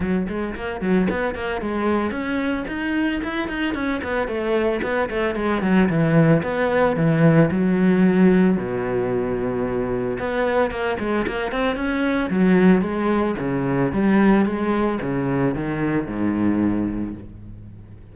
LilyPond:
\new Staff \with { instrumentName = "cello" } { \time 4/4 \tempo 4 = 112 fis8 gis8 ais8 fis8 b8 ais8 gis4 | cis'4 dis'4 e'8 dis'8 cis'8 b8 | a4 b8 a8 gis8 fis8 e4 | b4 e4 fis2 |
b,2. b4 | ais8 gis8 ais8 c'8 cis'4 fis4 | gis4 cis4 g4 gis4 | cis4 dis4 gis,2 | }